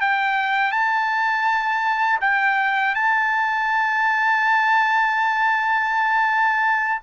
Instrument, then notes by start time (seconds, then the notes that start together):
trumpet
0.00 G5
0.71 A5
2.21 G5
2.95 A5